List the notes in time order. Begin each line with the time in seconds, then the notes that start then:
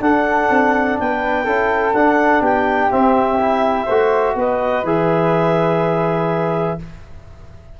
0.00 D4 A4 F#5
0.50 C4
0.99 B3 B4 G5
1.44 C#4 E4 A4
1.93 D4 F#5
2.41 B3 G4 G5
2.90 C4 E5
3.39 E4
3.85 A3 F#4 C5
4.35 B3 B4 D#5
4.83 E3 G#4 E5